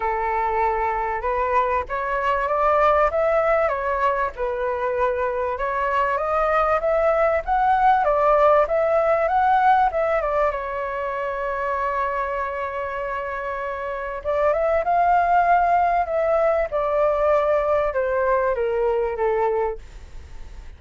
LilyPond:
\new Staff \with { instrumentName = "flute" } { \time 4/4 \tempo 4 = 97 a'2 b'4 cis''4 | d''4 e''4 cis''4 b'4~ | b'4 cis''4 dis''4 e''4 | fis''4 d''4 e''4 fis''4 |
e''8 d''8 cis''2.~ | cis''2. d''8 e''8 | f''2 e''4 d''4~ | d''4 c''4 ais'4 a'4 | }